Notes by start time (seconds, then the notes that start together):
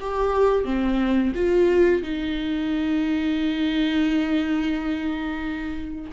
0.00 G4
0.65 C4
1.35 F4
2.03 D#4